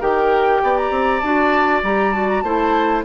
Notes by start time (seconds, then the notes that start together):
0.00 D#3 G4 A#4 G5
0.62 B3 D5
0.77 A#5
0.90 C4
1.20 D4 F#4 A5
1.83 G3 G4 A#5
2.12 F#4 A5
2.28 A#5
2.41 A3 E4 C5 A5